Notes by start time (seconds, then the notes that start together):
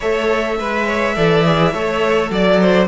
0.00 A3 A4 C#5 E5
0.58 G#3 B4
0.86 C#5
1.15 E3 A4 D5
1.44 G#4
1.73 A3 A4 C#5
2.30 F#3 D5
2.60 C5